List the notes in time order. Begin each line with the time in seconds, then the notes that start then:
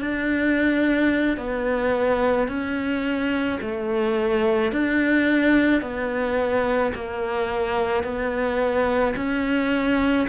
0.00 D4
1.37 B3
2.48 C#4
3.61 A3
4.72 D4
5.81 B3
6.94 A#3
8.04 B3
9.16 C#4